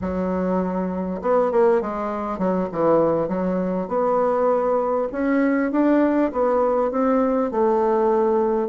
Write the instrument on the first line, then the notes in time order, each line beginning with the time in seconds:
bassoon
0.01 F#3
1.21 B3
1.51 A#3
1.81 G#3
2.38 F#3
2.71 E3
3.28 F#3
3.88 B3
5.12 C#4
5.71 D4
6.32 B3
6.91 C4
7.51 A3